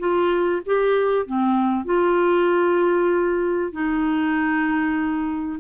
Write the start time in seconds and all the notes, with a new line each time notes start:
0.00 F4
0.66 G4
1.27 C4
1.86 F4
3.73 D#4